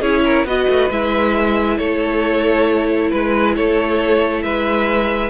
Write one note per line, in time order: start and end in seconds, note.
0.00 0.44 C#4
0.00 0.46 E4
0.00 0.22 G#4
0.00 0.46 C#5
0.24 0.47 A#4
0.44 0.66 B3
0.44 0.90 F#4
0.44 1.78 B4
0.44 0.90 D#5
0.68 0.90 A3
0.90 1.79 G#3
0.90 5.30 E4
0.90 1.78 E5
1.78 3.11 A3
1.78 3.11 A4
1.78 3.10 C#5
3.10 3.57 G#3
3.10 3.54 B4
3.10 3.56 B4
3.56 4.44 A3
3.56 4.44 A4
3.56 4.42 C#5
4.42 5.30 G#3
4.42 5.30 B4
4.42 5.30 E5